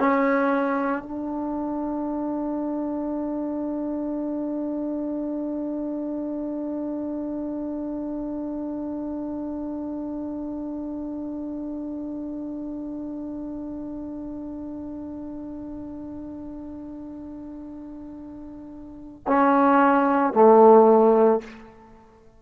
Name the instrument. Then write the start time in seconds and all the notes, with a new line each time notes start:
trombone
0.00 C#4
1.03 D4
19.28 C#4
20.34 A3